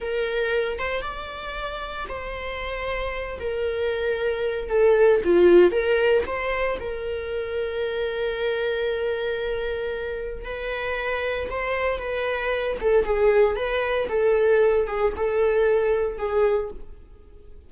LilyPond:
\new Staff \with { instrumentName = "viola" } { \time 4/4 \tempo 4 = 115 ais'4. c''8 d''2 | c''2~ c''8 ais'4.~ | ais'4 a'4 f'4 ais'4 | c''4 ais'2.~ |
ais'1 | b'2 c''4 b'4~ | b'8 a'8 gis'4 b'4 a'4~ | a'8 gis'8 a'2 gis'4 | }